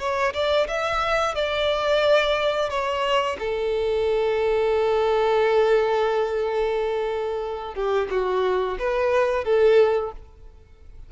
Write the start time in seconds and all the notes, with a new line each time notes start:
0.00 C#5
0.34 D5
0.68 E5
1.35 D5
2.70 C#5
3.40 A4
7.75 G4
8.11 F#4
8.79 B4
9.45 A4